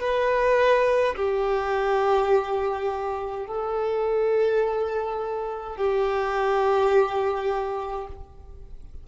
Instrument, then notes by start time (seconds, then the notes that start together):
violin
0.00 B4
1.15 G4
3.46 A4
5.77 G4